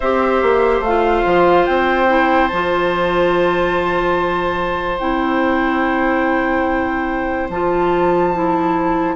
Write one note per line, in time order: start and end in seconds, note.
0.00 0.42 C4
0.00 0.86 G4
0.00 9.15 C5
0.00 0.82 E5
0.42 0.80 A#3
0.80 1.21 A3
0.80 1.66 F5
0.87 2.07 F4
1.25 1.67 F3
1.66 2.51 C4
1.66 2.47 G5
2.07 2.49 E4
2.47 4.99 F3
2.47 4.99 F4
2.47 4.97 A5
4.98 7.49 C4
4.98 7.49 E4
4.98 7.48 G5
7.49 9.15 F3
7.49 8.34 F4
7.49 9.15 A5
8.34 9.15 E4